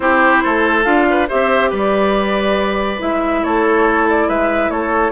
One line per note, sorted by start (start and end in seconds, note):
0.00 0.42 C4
0.00 0.84 E4
0.00 0.43 G4
0.00 0.84 C5
0.43 0.85 A3
0.43 1.07 A4
0.84 1.28 D4
0.84 1.27 F4
0.84 1.27 F5
1.10 1.28 B4
1.28 1.72 C4
1.28 2.98 G4
1.28 1.70 C5
1.28 1.72 E5
1.70 3.00 G3
1.70 3.41 B4
1.70 3.01 D5
2.98 3.43 G#3
2.98 5.12 E4
2.98 3.43 E5
3.43 4.28 A3
3.43 4.28 A4
3.43 4.07 C#5
4.09 4.28 D5
4.28 4.69 G#3
4.28 4.71 B4
4.28 4.70 E5
4.69 5.12 A3
4.69 5.12 A4
4.69 5.12 C#5